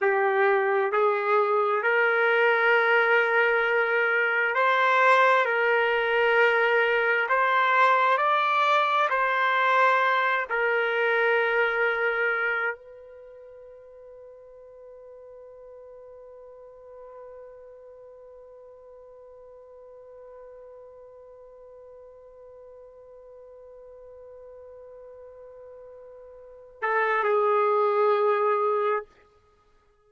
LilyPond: \new Staff \with { instrumentName = "trumpet" } { \time 4/4 \tempo 4 = 66 g'4 gis'4 ais'2~ | ais'4 c''4 ais'2 | c''4 d''4 c''4. ais'8~ | ais'2 b'2~ |
b'1~ | b'1~ | b'1~ | b'4. a'8 gis'2 | }